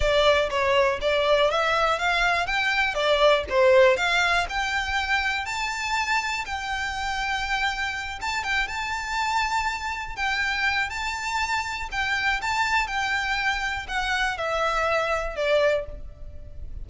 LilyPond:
\new Staff \with { instrumentName = "violin" } { \time 4/4 \tempo 4 = 121 d''4 cis''4 d''4 e''4 | f''4 g''4 d''4 c''4 | f''4 g''2 a''4~ | a''4 g''2.~ |
g''8 a''8 g''8 a''2~ a''8~ | a''8 g''4. a''2 | g''4 a''4 g''2 | fis''4 e''2 d''4 | }